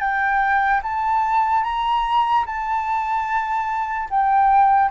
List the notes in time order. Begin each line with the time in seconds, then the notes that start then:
0.00 G5
0.83 A5
1.64 A#5
2.46 A5
4.10 G5